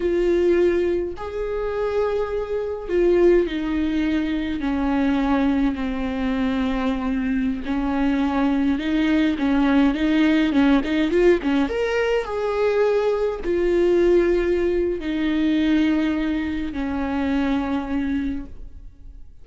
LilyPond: \new Staff \with { instrumentName = "viola" } { \time 4/4 \tempo 4 = 104 f'2 gis'2~ | gis'4 f'4 dis'2 | cis'2 c'2~ | c'4~ c'16 cis'2 dis'8.~ |
dis'16 cis'4 dis'4 cis'8 dis'8 f'8 cis'16~ | cis'16 ais'4 gis'2 f'8.~ | f'2 dis'2~ | dis'4 cis'2. | }